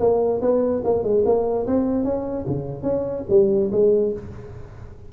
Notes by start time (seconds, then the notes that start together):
0.00 A#3
0.41 B3
0.84 A#3
1.04 G#3
1.26 A#3
1.67 C4
2.04 C#4
2.47 C#3
2.83 C#4
3.30 G3
3.72 G#3